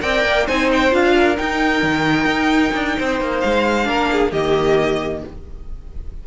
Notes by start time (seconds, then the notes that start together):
0.00 C4 A#4 D5 G5
0.24 A#3
0.46 C4 D#4 C5 G#5
0.72 G5
0.90 D4 F4 F5
1.16 A#4
1.36 D#4 G5
1.82 D#3
2.25 D#4
2.73 D4
2.97 C4 C5
3.20 A#3
3.40 G#3 F5
3.84 A#3 D4 A#4
4.11 G#4
4.31 D#3 A#3 G4 D#5